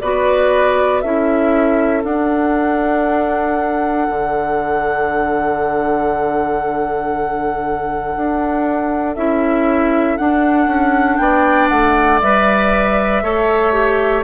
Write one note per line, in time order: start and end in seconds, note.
0.00 1.03 B3
0.00 1.03 F#4
0.00 1.03 B4
0.00 1.01 D5
1.01 2.04 C#4
1.01 2.04 E4
1.01 11.20 A4
1.01 2.02 E5
2.04 9.16 D4
2.04 4.07 D4
2.04 9.15 F#5
4.09 8.16 D3
8.16 9.16 D4
9.15 10.18 C#4
9.15 10.18 E4
9.15 10.17 E5
10.17 12.22 D4
10.17 10.67 D4
10.17 11.17 F#5
10.67 11.18 C#4
11.17 11.69 B3
11.17 13.23 D5
11.17 11.68 G5
11.68 12.21 A3
11.68 12.19 F#5
12.21 13.23 G3
12.21 13.23 B4
12.21 14.23 E5
13.23 14.23 A3
13.23 13.72 A4
13.23 14.23 C#5
13.72 14.23 G4